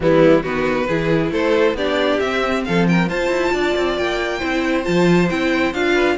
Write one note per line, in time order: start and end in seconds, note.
0.00 0.42 E3
0.00 0.43 G3
0.00 0.42 B3
0.00 0.43 E4
0.42 0.88 D#3
0.42 0.88 B3
0.42 0.86 F#4
0.42 1.31 B4
0.87 1.31 E3
0.87 1.77 E4
0.87 1.31 G#4
1.31 1.73 A3
1.31 1.76 A4
1.31 1.76 C5
1.73 2.17 B3
1.73 2.21 D4
1.73 2.64 G4
1.73 2.19 D5
2.19 2.65 C4
2.19 3.10 C4
2.19 2.63 E5
2.65 3.09 F3
2.65 2.89 A4
2.65 2.87 F5
2.88 3.08 A#4
2.88 3.09 G5
3.08 3.29 F4
3.08 4.40 F4
3.08 3.52 C5
3.08 3.97 A5
3.29 3.51 E4
3.52 3.74 D4
3.52 4.38 D5
3.76 3.97 C4
3.97 4.41 A#3
3.97 4.84 G5
4.38 4.86 C4
4.38 4.83 E4
4.38 5.92 C5
4.83 5.30 F3
4.83 5.27 F4
4.83 5.28 A5
5.29 5.74 C4
5.29 5.74 E4
5.29 5.73 G5
5.73 6.17 D4
5.73 6.17 F4
5.73 6.17 F5
5.93 6.15 B4